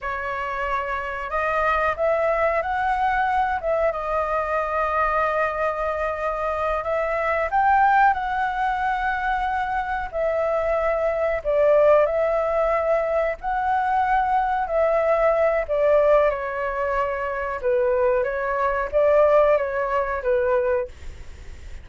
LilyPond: \new Staff \with { instrumentName = "flute" } { \time 4/4 \tempo 4 = 92 cis''2 dis''4 e''4 | fis''4. e''8 dis''2~ | dis''2~ dis''8 e''4 g''8~ | g''8 fis''2. e''8~ |
e''4. d''4 e''4.~ | e''8 fis''2 e''4. | d''4 cis''2 b'4 | cis''4 d''4 cis''4 b'4 | }